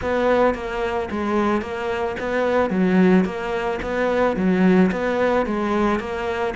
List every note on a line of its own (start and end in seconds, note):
0.01 0.54 B3
0.54 1.09 A#3
1.11 1.61 G#3
1.61 2.16 A#3
2.19 2.70 B3
2.70 3.24 F#3
3.25 3.79 A#3
3.82 4.36 B3
4.36 4.90 F#3
4.91 5.45 B3
5.45 5.99 G#3
5.99 6.54 A#3